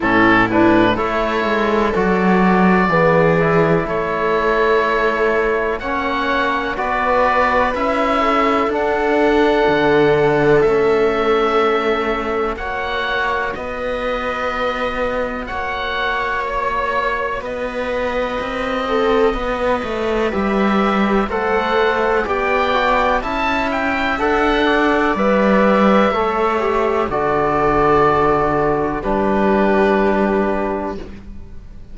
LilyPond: <<
  \new Staff \with { instrumentName = "oboe" } { \time 4/4 \tempo 4 = 62 a'8 b'8 cis''4 d''2 | cis''2 fis''4 d''4 | e''4 fis''2 e''4~ | e''4 fis''4 dis''2 |
fis''4 cis''4 dis''2~ | dis''4 e''4 fis''4 g''4 | a''8 g''8 fis''4 e''2 | d''2 b'2 | }
  \new Staff \with { instrumentName = "viola" } { \time 4/4 e'4 a'2 gis'4 | a'2 cis''4 b'4~ | b'8 a'2.~ a'8~ | a'4 cis''4 b'2 |
cis''2 b'4. a'8 | b'2 c''4 d''4 | e''4. d''4. cis''4 | a'2 g'2 | }
  \new Staff \with { instrumentName = "trombone" } { \time 4/4 cis'8 d'8 e'4 fis'4 b8 e'8~ | e'2 cis'4 fis'4 | e'4 d'2 cis'4~ | cis'4 fis'2.~ |
fis'1~ | fis'4 g'4 a'4 g'8 fis'8 | e'4 a'4 b'4 a'8 g'8 | fis'2 d'2 | }
  \new Staff \with { instrumentName = "cello" } { \time 4/4 a,4 a8 gis8 fis4 e4 | a2 ais4 b4 | cis'4 d'4 d4 a4~ | a4 ais4 b2 |
ais2 b4 c'4 | b8 a8 g4 a4 b4 | cis'4 d'4 g4 a4 | d2 g2 | }
>>